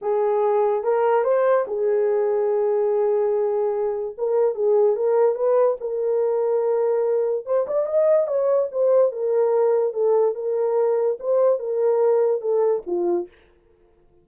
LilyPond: \new Staff \with { instrumentName = "horn" } { \time 4/4 \tempo 4 = 145 gis'2 ais'4 c''4 | gis'1~ | gis'2 ais'4 gis'4 | ais'4 b'4 ais'2~ |
ais'2 c''8 d''8 dis''4 | cis''4 c''4 ais'2 | a'4 ais'2 c''4 | ais'2 a'4 f'4 | }